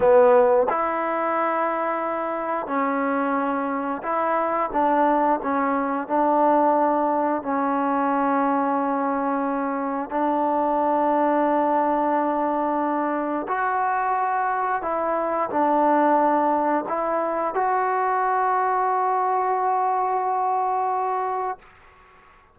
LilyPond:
\new Staff \with { instrumentName = "trombone" } { \time 4/4 \tempo 4 = 89 b4 e'2. | cis'2 e'4 d'4 | cis'4 d'2 cis'4~ | cis'2. d'4~ |
d'1 | fis'2 e'4 d'4~ | d'4 e'4 fis'2~ | fis'1 | }